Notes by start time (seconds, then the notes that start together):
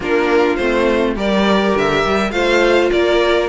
0.00 A#3 D4 F4 A#4
0.56 A3 C4 C5
1.15 G3 G4 A#4 D5
1.75 D3 E5
2.04 G3
2.31 A3 F4 C5 F5
2.91 A#3 A#4 D5